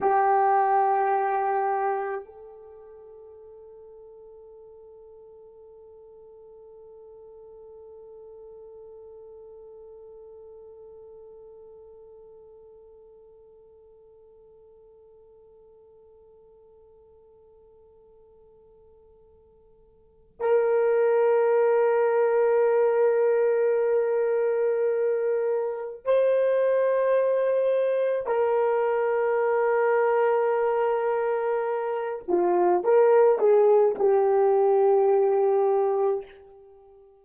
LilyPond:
\new Staff \with { instrumentName = "horn" } { \time 4/4 \tempo 4 = 53 g'2 a'2~ | a'1~ | a'1~ | a'1~ |
a'2 ais'2~ | ais'2. c''4~ | c''4 ais'2.~ | ais'8 f'8 ais'8 gis'8 g'2 | }